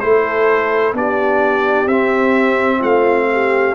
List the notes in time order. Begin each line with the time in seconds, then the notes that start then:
0.00 A3 E4 A4 C5
0.93 B3 D4 G4 D5
1.86 C4 E5
2.79 A3 F4 F5
3.33 G4